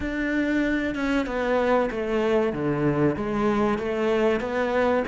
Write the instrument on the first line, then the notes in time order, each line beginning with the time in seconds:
cello
0.00 D4
0.94 C#4
1.26 B3
1.90 A3
2.53 D3
3.16 G#3
3.78 A3
4.40 B3